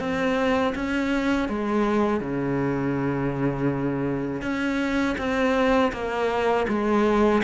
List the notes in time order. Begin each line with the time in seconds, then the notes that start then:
0.00 C4
0.75 C#4
1.49 G#3
2.21 C#3
4.42 C#4
5.18 C4
5.93 A#3
6.68 G#3